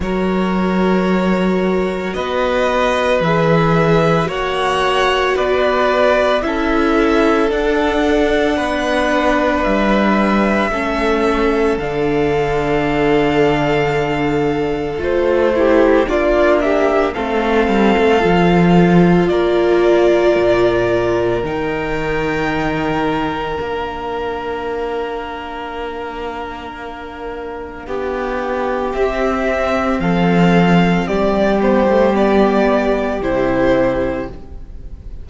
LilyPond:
<<
  \new Staff \with { instrumentName = "violin" } { \time 4/4 \tempo 4 = 56 cis''2 dis''4 e''4 | fis''4 d''4 e''4 fis''4~ | fis''4 e''2 f''4~ | f''2 c''4 d''8 e''8 |
f''2 d''2 | g''2 f''2~ | f''2. e''4 | f''4 d''8 c''8 d''4 c''4 | }
  \new Staff \with { instrumentName = "violin" } { \time 4/4 ais'2 b'2 | cis''4 b'4 a'2 | b'2 a'2~ | a'2~ a'8 g'8 f'8 g'8 |
a'2 ais'2~ | ais'1~ | ais'2 g'2 | a'4 g'2. | }
  \new Staff \with { instrumentName = "viola" } { \time 4/4 fis'2. gis'4 | fis'2 e'4 d'4~ | d'2 cis'4 d'4~ | d'2 f'8 e'8 d'4 |
c'4 f'2. | dis'2 d'2~ | d'2. c'4~ | c'4. b16 a16 b4 e'4 | }
  \new Staff \with { instrumentName = "cello" } { \time 4/4 fis2 b4 e4 | ais4 b4 cis'4 d'4 | b4 g4 a4 d4~ | d2 a4 ais4 |
a8 g16 a16 f4 ais4 ais,4 | dis2 ais2~ | ais2 b4 c'4 | f4 g2 c4 | }
>>